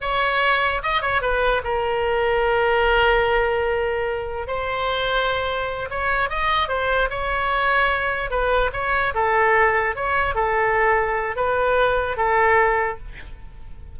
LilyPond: \new Staff \with { instrumentName = "oboe" } { \time 4/4 \tempo 4 = 148 cis''2 dis''8 cis''8 b'4 | ais'1~ | ais'2. c''4~ | c''2~ c''8 cis''4 dis''8~ |
dis''8 c''4 cis''2~ cis''8~ | cis''8 b'4 cis''4 a'4.~ | a'8 cis''4 a'2~ a'8 | b'2 a'2 | }